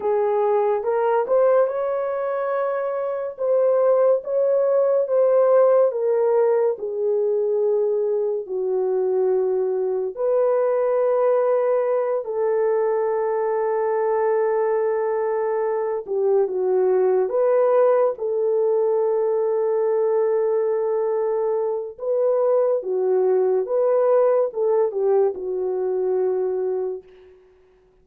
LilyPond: \new Staff \with { instrumentName = "horn" } { \time 4/4 \tempo 4 = 71 gis'4 ais'8 c''8 cis''2 | c''4 cis''4 c''4 ais'4 | gis'2 fis'2 | b'2~ b'8 a'4.~ |
a'2. g'8 fis'8~ | fis'8 b'4 a'2~ a'8~ | a'2 b'4 fis'4 | b'4 a'8 g'8 fis'2 | }